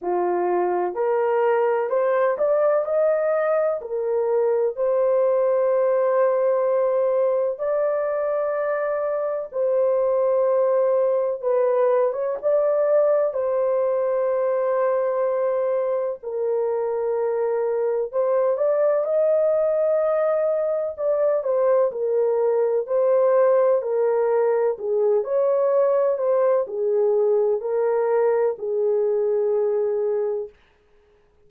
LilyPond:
\new Staff \with { instrumentName = "horn" } { \time 4/4 \tempo 4 = 63 f'4 ais'4 c''8 d''8 dis''4 | ais'4 c''2. | d''2 c''2 | b'8. cis''16 d''4 c''2~ |
c''4 ais'2 c''8 d''8 | dis''2 d''8 c''8 ais'4 | c''4 ais'4 gis'8 cis''4 c''8 | gis'4 ais'4 gis'2 | }